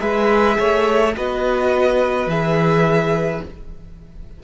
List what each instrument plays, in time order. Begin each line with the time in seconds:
0.00 cello G#3, viola G#4, violin B4 E5
0.59 cello A3, violin C#5
1.16 cello B3, viola F#4, violin B4 D#5
2.27 cello E3, viola G#4, violin E5